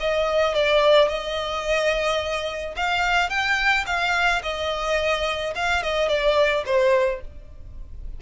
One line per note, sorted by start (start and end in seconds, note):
0.00 0.54 D#5
0.54 1.08 D5
1.08 2.75 D#5
2.76 3.29 F5
3.29 3.85 G5
3.86 4.42 F5
4.43 5.54 D#5
5.55 5.83 F5
5.83 6.08 D#5
6.08 6.64 D5
6.65 7.21 C5